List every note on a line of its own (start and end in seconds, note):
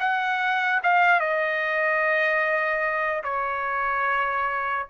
0.00 0.81 F#5
0.83 1.20 F5
1.20 3.23 D#5
3.24 4.86 C#5